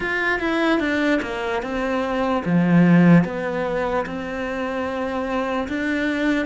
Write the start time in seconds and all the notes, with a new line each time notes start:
0.00 F4
0.39 E4
0.79 D4
1.22 A#3
1.62 C4
2.45 F3
3.24 B3
4.05 C4
5.68 D4